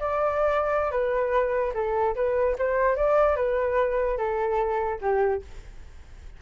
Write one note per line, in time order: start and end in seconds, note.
0.00 0.92 D5
0.92 1.73 B4
1.75 2.15 A4
2.16 2.56 B4
2.59 2.96 C5
2.96 3.37 D5
3.37 4.18 B4
4.18 5.00 A4
5.01 5.42 G4